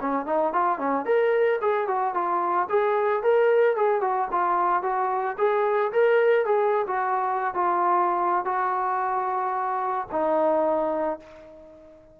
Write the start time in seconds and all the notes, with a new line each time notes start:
0.00 C#4
0.26 D#4
0.53 F4
0.78 C#4
1.05 A#4
1.61 G#4
1.87 F#4
2.14 F4
2.69 G#4
3.23 A#4
3.76 G#4
4.01 F#4
4.31 F4
4.82 F#4
5.38 G#4
5.92 A#4
6.45 G#4
6.87 F#4
7.54 F4
8.45 F#4
10.11 D#4